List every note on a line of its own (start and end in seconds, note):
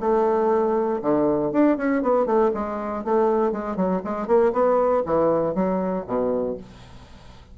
0.00 1.01 A3
1.02 1.52 D3
1.52 1.77 D4
1.77 2.03 C#4
2.03 2.26 B3
2.26 2.51 A3
2.54 3.04 G#3
3.04 3.52 A3
3.52 3.76 G#3
3.76 4.02 F#3
4.05 4.27 G#3
4.27 4.53 A#3
4.53 5.03 B3
5.06 5.55 E3
5.55 6.05 F#3
6.07 6.57 B2